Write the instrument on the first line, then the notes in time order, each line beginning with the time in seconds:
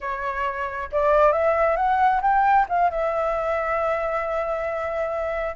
flute
0.00 C#5
0.92 D5
1.32 E5
1.76 F#5
2.21 G5
2.68 F5
2.90 E5